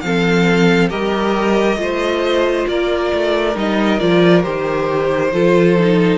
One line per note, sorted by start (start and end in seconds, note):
0.00 0.91 F3
0.00 0.89 C4
0.00 0.89 A4
0.00 0.88 F5
0.89 1.76 G3
0.89 1.77 G4
0.89 1.78 A#4
0.89 2.66 D#5
1.76 2.64 A3
1.76 3.53 F4
1.76 2.69 C5
2.67 3.11 A#3
2.67 5.32 A#4
2.67 3.56 D5
3.12 3.55 A3
3.55 3.99 G3
3.55 3.99 D#4
3.55 3.99 D#5
3.99 4.45 F3
3.99 4.42 F4
3.99 4.42 D5
4.42 5.33 D#3
4.42 5.31 G4
4.42 6.17 C5
5.32 6.17 F3
5.32 5.77 F4
5.32 6.17 A4
5.78 6.17 D#4